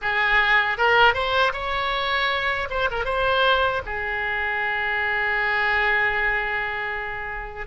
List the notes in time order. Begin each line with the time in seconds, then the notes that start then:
0.01 G#4
0.77 A#4
1.14 C5
1.52 C#5
2.70 C5
2.91 A#4
3.05 C5
3.85 G#4